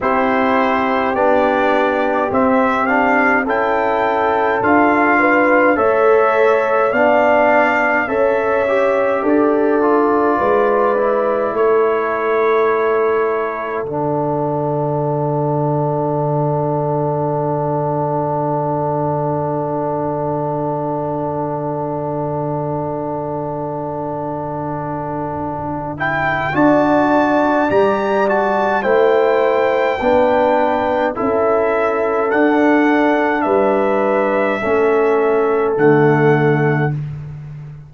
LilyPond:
<<
  \new Staff \with { instrumentName = "trumpet" } { \time 4/4 \tempo 4 = 52 c''4 d''4 e''8 f''8 g''4 | f''4 e''4 f''4 e''4 | d''2 cis''2 | fis''1~ |
fis''1~ | fis''2~ fis''8 g''8 a''4 | ais''8 a''8 g''2 e''4 | fis''4 e''2 fis''4 | }
  \new Staff \with { instrumentName = "horn" } { \time 4/4 g'2. a'4~ | a'8 b'8 cis''4 d''4 cis''4 | a'4 b'4 a'2~ | a'1~ |
a'1~ | a'2. d''4~ | d''4 c''4 b'4 a'4~ | a'4 b'4 a'2 | }
  \new Staff \with { instrumentName = "trombone" } { \time 4/4 e'4 d'4 c'8 d'8 e'4 | f'4 a'4 d'4 a'8 g'8~ | g'8 f'4 e'2~ e'8 | d'1~ |
d'1~ | d'2~ d'8 e'8 fis'4 | g'8 fis'8 e'4 d'4 e'4 | d'2 cis'4 a4 | }
  \new Staff \with { instrumentName = "tuba" } { \time 4/4 c'4 b4 c'4 cis'4 | d'4 a4 b4 cis'4 | d'4 gis4 a2 | d1~ |
d1~ | d2. d'4 | g4 a4 b4 cis'4 | d'4 g4 a4 d4 | }
>>